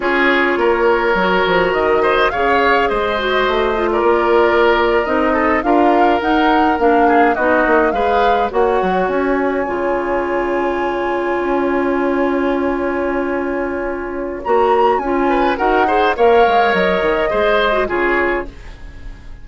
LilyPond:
<<
  \new Staff \with { instrumentName = "flute" } { \time 4/4 \tempo 4 = 104 cis''2. dis''4 | f''4 dis''4.~ dis''16 d''4~ d''16~ | d''8. dis''4 f''4 fis''4 f''16~ | f''8. dis''4 f''4 fis''4 gis''16~ |
gis''1~ | gis''1~ | gis''4 ais''4 gis''4 fis''4 | f''4 dis''2 cis''4 | }
  \new Staff \with { instrumentName = "oboe" } { \time 4/4 gis'4 ais'2~ ais'8 c''8 | cis''4 c''4.~ c''16 ais'4~ ais'16~ | ais'4~ ais'16 a'8 ais'2~ ais'16~ | ais'16 gis'8 fis'4 b'4 cis''4~ cis''16~ |
cis''1~ | cis''1~ | cis''2~ cis''8 b'8 ais'8 c''8 | cis''2 c''4 gis'4 | }
  \new Staff \with { instrumentName = "clarinet" } { \time 4/4 f'2 fis'2 | gis'4. fis'4 f'4.~ | f'8. dis'4 f'4 dis'4 d'16~ | d'8. dis'4 gis'4 fis'4~ fis'16~ |
fis'8. f'2.~ f'16~ | f'1~ | f'4 fis'4 f'4 fis'8 gis'8 | ais'2 gis'8. fis'16 f'4 | }
  \new Staff \with { instrumentName = "bassoon" } { \time 4/4 cis'4 ais4 fis8 f8 dis4 | cis4 gis4 a4 ais4~ | ais8. c'4 d'4 dis'4 ais16~ | ais8. b8 ais8 gis4 ais8 fis8 cis'16~ |
cis'8. cis2. cis'16~ | cis'1~ | cis'4 ais4 cis'4 dis'4 | ais8 gis8 fis8 dis8 gis4 cis4 | }
>>